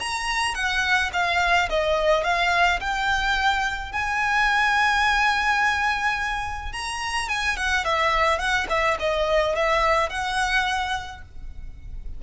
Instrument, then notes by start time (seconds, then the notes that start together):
violin
0.00 A#5
0.55 F#5
1.13 F5
1.70 D#5
2.24 F5
2.80 G5
3.93 G#5
6.73 A#5
7.29 G#5
7.57 F#5
7.85 E5
8.39 F#5
8.69 E5
9.00 D#5
9.56 E5
10.10 F#5